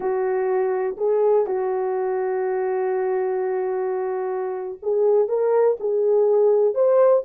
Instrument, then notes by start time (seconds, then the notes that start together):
horn
0.00 F#4
0.97 G#4
1.46 F#4
4.82 G#4
5.28 A#4
5.80 G#4
6.74 C5